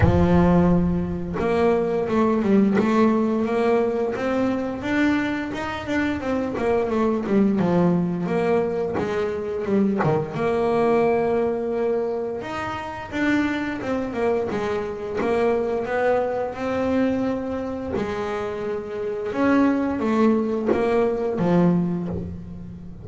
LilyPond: \new Staff \with { instrumentName = "double bass" } { \time 4/4 \tempo 4 = 87 f2 ais4 a8 g8 | a4 ais4 c'4 d'4 | dis'8 d'8 c'8 ais8 a8 g8 f4 | ais4 gis4 g8 dis8 ais4~ |
ais2 dis'4 d'4 | c'8 ais8 gis4 ais4 b4 | c'2 gis2 | cis'4 a4 ais4 f4 | }